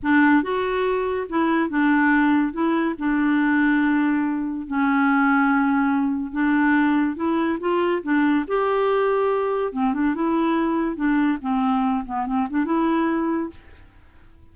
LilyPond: \new Staff \with { instrumentName = "clarinet" } { \time 4/4 \tempo 4 = 142 d'4 fis'2 e'4 | d'2 e'4 d'4~ | d'2. cis'4~ | cis'2. d'4~ |
d'4 e'4 f'4 d'4 | g'2. c'8 d'8 | e'2 d'4 c'4~ | c'8 b8 c'8 d'8 e'2 | }